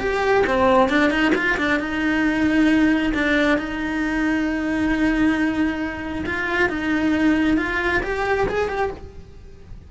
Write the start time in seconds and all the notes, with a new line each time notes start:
0.00 G4
0.47 C4
0.90 D4
1.11 D#4
1.36 F4
1.58 D4
1.80 D#4
3.15 D4
3.59 D#4
6.27 F4
6.70 D#4
7.58 F4
8.03 G4
8.48 G#4
8.69 G4